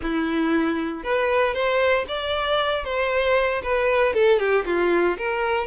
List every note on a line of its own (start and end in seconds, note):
0.02 1.03 E4
1.03 1.54 B4
1.54 2.05 C5
2.07 2.84 D5
2.84 3.62 C5
3.62 4.13 B4
4.13 4.39 A4
4.39 4.65 G4
4.65 5.17 F4
5.17 5.67 A#4